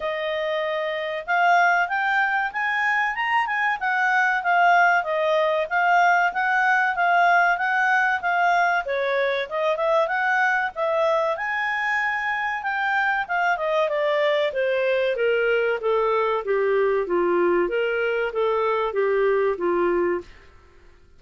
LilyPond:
\new Staff \with { instrumentName = "clarinet" } { \time 4/4 \tempo 4 = 95 dis''2 f''4 g''4 | gis''4 ais''8 gis''8 fis''4 f''4 | dis''4 f''4 fis''4 f''4 | fis''4 f''4 cis''4 dis''8 e''8 |
fis''4 e''4 gis''2 | g''4 f''8 dis''8 d''4 c''4 | ais'4 a'4 g'4 f'4 | ais'4 a'4 g'4 f'4 | }